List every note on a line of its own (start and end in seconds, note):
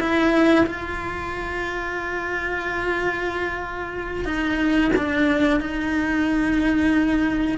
0.00 0.66 E4
0.67 4.26 F4
4.26 4.92 D#4
4.96 5.60 D4
5.60 7.58 D#4